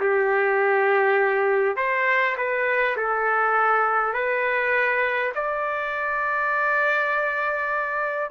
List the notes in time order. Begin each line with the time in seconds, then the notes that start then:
0.00 G4
1.77 C5
2.37 B4
2.97 A4
4.14 B4
5.35 D5